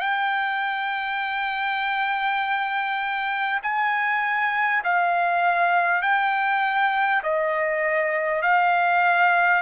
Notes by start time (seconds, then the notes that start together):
0.00 G5
3.63 G#5
4.84 F5
6.02 G5
7.23 D#5
8.42 F5